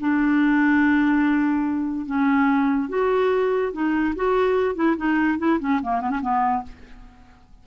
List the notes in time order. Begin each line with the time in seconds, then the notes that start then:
0.00 D4
2.06 C#4
2.89 F#4
3.72 D#4
4.16 F#4
4.75 E4
4.96 D#4
5.38 E4
5.59 C#4
5.82 A#3
6.01 B3
6.10 C#4
6.21 B3